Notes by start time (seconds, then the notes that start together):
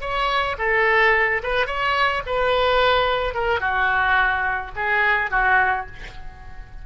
0.00 C#5
0.58 A4
1.43 B4
1.66 C#5
2.26 B4
3.34 A#4
3.60 F#4
4.75 G#4
5.31 F#4